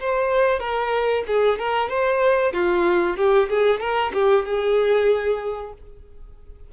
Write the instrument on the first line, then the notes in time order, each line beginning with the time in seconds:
violin
0.00 C5
0.60 A#4
1.27 G#4
1.59 A#4
1.89 C5
2.53 F4
3.17 G4
3.49 G#4
3.80 A#4
4.13 G4
4.45 G#4